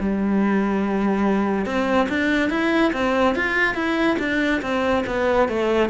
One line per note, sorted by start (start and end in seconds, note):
0.00 1.66 G3
1.66 2.08 C4
2.09 2.50 D4
2.50 2.92 E4
2.93 3.35 C4
3.35 3.75 F4
3.75 4.17 E4
4.19 4.61 D4
4.62 5.04 C4
5.06 5.49 B3
5.49 5.90 A3